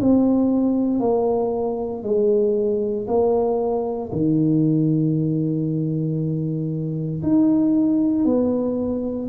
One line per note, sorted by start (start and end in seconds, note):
0.00 1.00 C4
1.00 2.03 A#3
2.03 3.06 G#3
3.07 4.11 A#3
4.12 7.22 D#3
7.22 8.25 D#4
8.25 9.28 B3